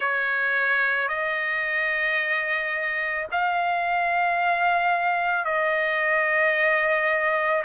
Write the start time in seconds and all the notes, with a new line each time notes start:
0.00 C#5
1.08 D#5
3.31 F5
5.44 D#5